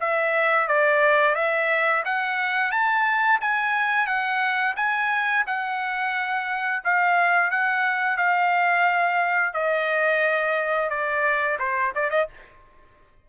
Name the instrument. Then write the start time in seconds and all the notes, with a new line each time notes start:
trumpet
0.00 E5
0.68 D5
1.35 E5
2.05 F#5
2.71 A5
3.41 G#5
4.06 F#5
4.76 G#5
5.46 F#5
6.84 F5
7.50 F#5
8.17 F5
9.53 D#5
10.89 D5
11.59 C5
11.95 D5
12.10 D#5